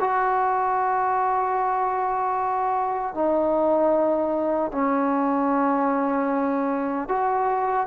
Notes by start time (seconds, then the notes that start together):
0.00 F#4
3.14 D#4
4.72 C#4
7.09 F#4